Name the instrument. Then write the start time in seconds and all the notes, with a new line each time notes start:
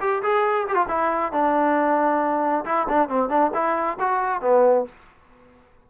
trombone
0.00 G4
0.22 G#4
0.68 G4
0.75 F4
0.88 E4
1.32 D4
2.65 E4
2.88 D4
3.09 C4
3.29 D4
3.54 E4
3.99 F#4
4.41 B3